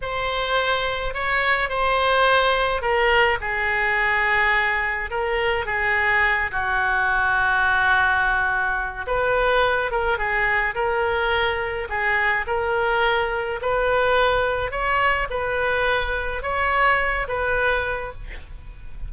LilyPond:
\new Staff \with { instrumentName = "oboe" } { \time 4/4 \tempo 4 = 106 c''2 cis''4 c''4~ | c''4 ais'4 gis'2~ | gis'4 ais'4 gis'4. fis'8~ | fis'1 |
b'4. ais'8 gis'4 ais'4~ | ais'4 gis'4 ais'2 | b'2 cis''4 b'4~ | b'4 cis''4. b'4. | }